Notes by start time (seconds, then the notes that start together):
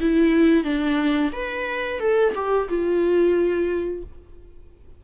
0.00 E4
0.63 D4
1.32 B4
1.99 A4
2.34 G4
2.68 F4